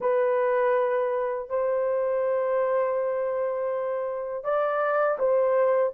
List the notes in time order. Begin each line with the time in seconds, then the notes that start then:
0.00 B4
1.49 C5
4.44 D5
5.19 C5